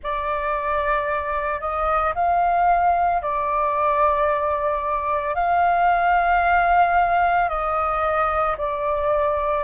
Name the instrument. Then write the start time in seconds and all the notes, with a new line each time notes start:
flute
0.03 D5
1.60 D#5
2.14 F5
3.21 D5
5.34 F5
7.49 D#5
8.57 D5